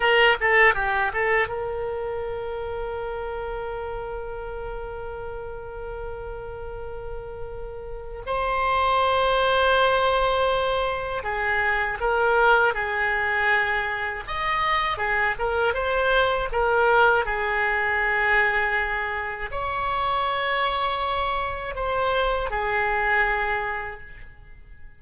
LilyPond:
\new Staff \with { instrumentName = "oboe" } { \time 4/4 \tempo 4 = 80 ais'8 a'8 g'8 a'8 ais'2~ | ais'1~ | ais'2. c''4~ | c''2. gis'4 |
ais'4 gis'2 dis''4 | gis'8 ais'8 c''4 ais'4 gis'4~ | gis'2 cis''2~ | cis''4 c''4 gis'2 | }